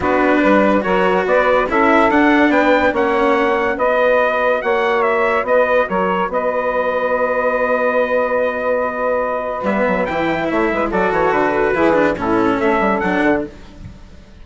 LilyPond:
<<
  \new Staff \with { instrumentName = "trumpet" } { \time 4/4 \tempo 4 = 143 b'2 cis''4 d''4 | e''4 fis''4 g''4 fis''4~ | fis''4 dis''2 fis''4 | e''4 dis''4 cis''4 dis''4~ |
dis''1~ | dis''2. e''4 | g''4 e''4 d''8 cis''8 b'4~ | b'4 a'4 e''4 fis''4 | }
  \new Staff \with { instrumentName = "saxophone" } { \time 4/4 fis'4 b'4 ais'4 b'4 | a'2 b'4 cis''4~ | cis''4 b'2 cis''4~ | cis''4 b'4 ais'4 b'4~ |
b'1~ | b'1~ | b'4 cis''8 b'8 a'2 | gis'4 e'4 a'2 | }
  \new Staff \with { instrumentName = "cello" } { \time 4/4 d'2 fis'2 | e'4 d'2 cis'4~ | cis'4 fis'2.~ | fis'1~ |
fis'1~ | fis'2. b4 | e'2 fis'2 | e'8 d'8 cis'2 d'4 | }
  \new Staff \with { instrumentName = "bassoon" } { \time 4/4 b4 g4 fis4 b4 | cis'4 d'4 b4 ais4~ | ais4 b2 ais4~ | ais4 b4 fis4 b4~ |
b1~ | b2. g8 fis8 | e4 a8 gis8 fis8 e8 d4 | e4 a,4 a8 g8 fis8 d8 | }
>>